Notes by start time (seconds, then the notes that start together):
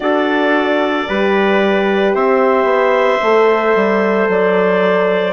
0.00 D4 F#4 A4 D5
1.07 G3 G4 B4
2.14 C4 C5 E5
2.63 B3
3.22 A3 A4
3.75 G3
4.28 F#3 D5